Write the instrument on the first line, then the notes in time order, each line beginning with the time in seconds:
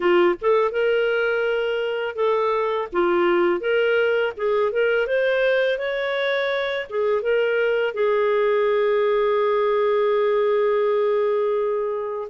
clarinet
0.00 F4
0.41 A4
0.71 A#4
2.15 A4
2.92 F4
3.60 A#4
4.37 G#4
4.72 A#4
5.06 C5
5.78 C#5
6.89 G#4
7.22 A#4
7.94 G#4